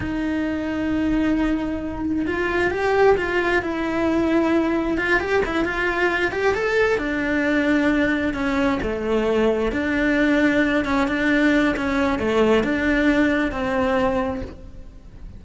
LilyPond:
\new Staff \with { instrumentName = "cello" } { \time 4/4 \tempo 4 = 133 dis'1~ | dis'4 f'4 g'4 f'4 | e'2. f'8 g'8 | e'8 f'4. g'8 a'4 d'8~ |
d'2~ d'8 cis'4 a8~ | a4. d'2~ d'8 | cis'8 d'4. cis'4 a4 | d'2 c'2 | }